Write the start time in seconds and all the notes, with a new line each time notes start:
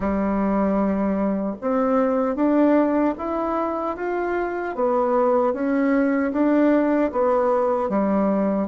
0.00 G3
1.61 C4
2.35 D4
3.18 E4
3.96 F4
4.75 B3
5.53 C#4
6.32 D4
7.12 B3
7.89 G3